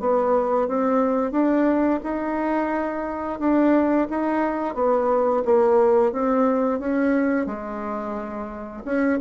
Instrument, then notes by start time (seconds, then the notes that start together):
bassoon
0.00 B3
0.68 C4
1.32 D4
2.04 D#4
3.40 D4
4.10 D#4
4.75 B3
5.45 A#3
6.13 C4
6.80 C#4
7.47 G#3
8.85 C#4